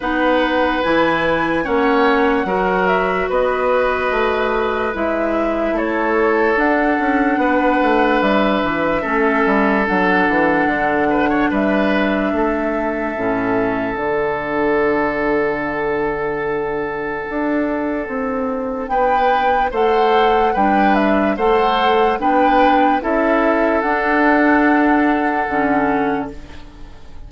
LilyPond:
<<
  \new Staff \with { instrumentName = "flute" } { \time 4/4 \tempo 4 = 73 fis''4 gis''4 fis''4. e''8 | dis''2 e''4 cis''4 | fis''2 e''2 | fis''2 e''2~ |
e''4 fis''2.~ | fis''2. g''4 | fis''4 g''8 e''8 fis''4 g''4 | e''4 fis''2. | }
  \new Staff \with { instrumentName = "oboe" } { \time 4/4 b'2 cis''4 ais'4 | b'2. a'4~ | a'4 b'2 a'4~ | a'4. b'16 cis''16 b'4 a'4~ |
a'1~ | a'2. b'4 | c''4 b'4 c''4 b'4 | a'1 | }
  \new Staff \with { instrumentName = "clarinet" } { \time 4/4 dis'4 e'4 cis'4 fis'4~ | fis'2 e'2 | d'2. cis'4 | d'1 |
cis'4 d'2.~ | d'1 | a'4 d'4 a'4 d'4 | e'4 d'2 cis'4 | }
  \new Staff \with { instrumentName = "bassoon" } { \time 4/4 b4 e4 ais4 fis4 | b4 a4 gis4 a4 | d'8 cis'8 b8 a8 g8 e8 a8 g8 | fis8 e8 d4 g4 a4 |
a,4 d2.~ | d4 d'4 c'4 b4 | a4 g4 a4 b4 | cis'4 d'2 d4 | }
>>